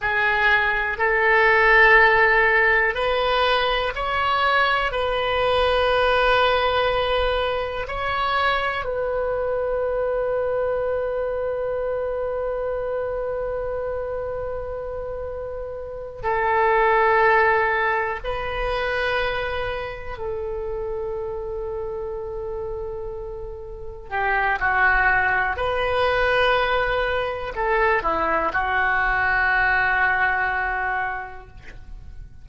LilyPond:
\new Staff \with { instrumentName = "oboe" } { \time 4/4 \tempo 4 = 61 gis'4 a'2 b'4 | cis''4 b'2. | cis''4 b'2.~ | b'1~ |
b'8 a'2 b'4.~ | b'8 a'2.~ a'8~ | a'8 g'8 fis'4 b'2 | a'8 e'8 fis'2. | }